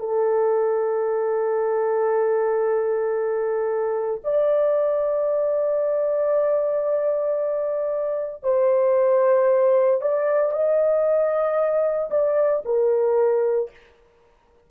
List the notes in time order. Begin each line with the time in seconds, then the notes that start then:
0.00 A4
4.24 D5
8.44 C5
10.01 D5
10.52 D#5
12.11 D5
12.65 A#4